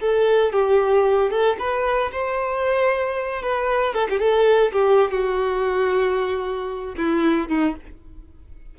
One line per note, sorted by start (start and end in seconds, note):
0.00 0.52 A4
0.52 1.30 G4
1.30 1.56 A4
1.59 2.11 B4
2.12 3.42 C5
3.42 3.94 B4
3.94 4.07 A4
4.10 4.19 G4
4.19 4.72 A4
4.72 5.11 G4
5.11 6.95 F#4
6.97 7.48 E4
7.48 7.74 D#4